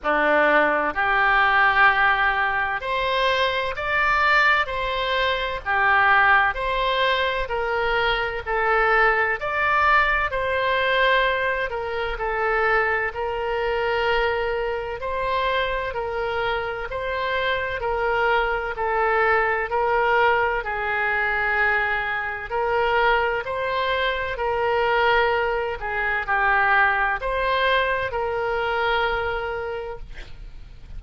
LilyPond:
\new Staff \with { instrumentName = "oboe" } { \time 4/4 \tempo 4 = 64 d'4 g'2 c''4 | d''4 c''4 g'4 c''4 | ais'4 a'4 d''4 c''4~ | c''8 ais'8 a'4 ais'2 |
c''4 ais'4 c''4 ais'4 | a'4 ais'4 gis'2 | ais'4 c''4 ais'4. gis'8 | g'4 c''4 ais'2 | }